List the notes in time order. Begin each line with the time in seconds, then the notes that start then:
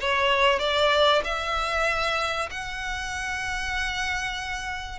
0.00 C#5
0.59 D5
1.24 E5
2.51 F#5